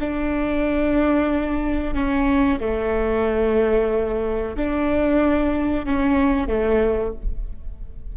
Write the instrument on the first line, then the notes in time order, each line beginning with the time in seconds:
viola
0.00 D4
1.94 C#4
2.61 A3
4.57 D4
5.86 C#4
6.48 A3